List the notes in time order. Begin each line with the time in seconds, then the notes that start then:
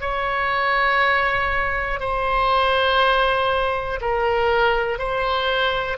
0.00 C#5
2.00 C5
4.01 A#4
4.98 C5